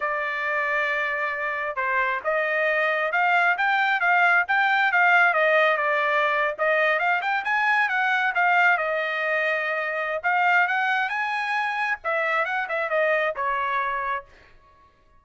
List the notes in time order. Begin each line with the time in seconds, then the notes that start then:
0.00 D5
1.76 C5
2.24 D#5
3.12 F5
3.57 G5
4.00 F5
4.47 G5
4.92 F5
5.33 D#5
5.77 D5
6.58 D#5
6.99 F5
7.21 G5
7.44 G#5
7.88 F#5
8.34 F5
8.77 D#5
10.23 F5
10.67 F#5
11.09 G#5
12.03 E5
12.45 F#5
12.68 E5
12.89 D#5
13.36 C#5